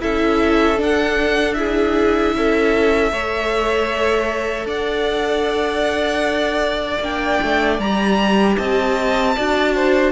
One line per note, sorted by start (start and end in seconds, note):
0.00 0.80 C#4
0.00 0.77 E4
0.00 1.58 A4
0.00 0.79 E5
0.77 1.55 D4
0.77 2.35 D4
0.83 1.54 F#5
1.54 3.13 E4
1.54 2.36 G#4
1.54 4.66 E5
2.35 3.12 C#4
2.35 3.12 A4
3.12 4.65 A3
3.12 7.02 A4
3.12 4.67 C#5
4.65 6.99 D4
4.65 8.56 D5
4.65 7.03 F#5
7.00 7.39 A#3
7.00 7.80 D4
7.00 7.80 G5
7.42 7.79 A3
7.79 8.57 G3
7.79 9.37 G4
7.79 8.58 A#5
8.57 9.37 C4
8.57 9.35 D#5
8.57 10.12 A5
9.35 10.12 D4
9.35 10.12 F#4
9.35 9.74 D5
9.75 10.12 C5